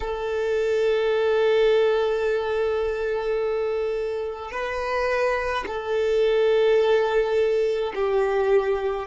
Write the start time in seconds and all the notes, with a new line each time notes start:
0.00 A4
4.51 B4
5.66 A4
7.95 G4